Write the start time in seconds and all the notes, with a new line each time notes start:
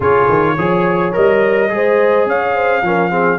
0.00 C#3 F4 G#4 C#5
0.29 D#3
0.57 F3 G#4 C#5
1.12 G3 A#4 D#5
1.69 G#3 G#4 C5
2.26 C#4 C#5 F5
2.54 C5
2.81 F3 C#4 A#4
3.10 C4 G#4